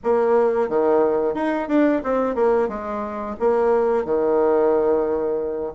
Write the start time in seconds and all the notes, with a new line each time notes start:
0.03 A#3
0.68 D#3
1.34 D#4
1.68 D4
2.03 C4
2.35 A#3
2.68 G#3
3.39 A#3
4.04 D#3